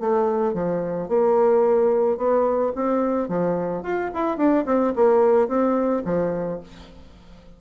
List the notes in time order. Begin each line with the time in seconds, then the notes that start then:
0.00 A3
0.54 F3
1.09 A#3
2.17 B3
2.75 C4
3.29 F3
3.83 F4
4.14 E4
4.38 D4
4.66 C4
4.96 A#3
5.48 C4
6.05 F3